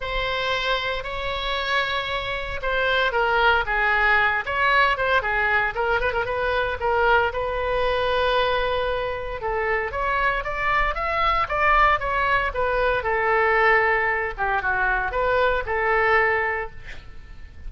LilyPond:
\new Staff \with { instrumentName = "oboe" } { \time 4/4 \tempo 4 = 115 c''2 cis''2~ | cis''4 c''4 ais'4 gis'4~ | gis'8 cis''4 c''8 gis'4 ais'8 b'16 ais'16 | b'4 ais'4 b'2~ |
b'2 a'4 cis''4 | d''4 e''4 d''4 cis''4 | b'4 a'2~ a'8 g'8 | fis'4 b'4 a'2 | }